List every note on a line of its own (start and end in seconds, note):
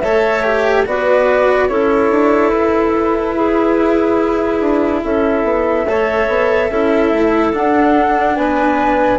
0.00 0.87 A3
0.00 0.43 A4
0.00 0.86 C#5
0.00 0.83 E5
0.43 0.85 G4
0.86 1.69 B3
0.86 1.69 F#4
0.86 1.70 B4
0.86 1.69 D5
1.69 2.11 C#4
1.69 5.86 E4
1.69 3.36 A4
1.69 2.50 C#5
2.11 2.53 D4
2.50 4.61 E4
2.50 5.00 B4
3.36 5.03 G#4
4.61 5.02 D4
5.02 5.44 C#4
5.02 5.87 A4
5.02 7.52 E5
5.44 5.85 B3
5.86 6.28 A3
5.86 6.72 A4
5.86 6.69 C#5
6.28 6.70 B3
6.69 7.12 C#4
6.69 7.53 E4
6.69 8.36 A4
7.12 7.53 A3
7.53 9.19 D4
7.53 8.37 D4
7.53 8.36 F#5
8.36 9.19 B3
8.36 9.19 B4
8.36 9.19 G#5